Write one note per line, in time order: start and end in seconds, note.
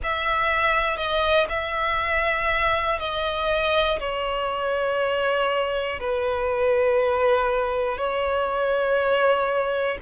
0.03 0.96 E5
0.96 1.46 D#5
1.49 2.99 E5
2.99 3.99 D#5
4.00 6.00 C#5
6.00 7.97 B4
7.97 9.97 C#5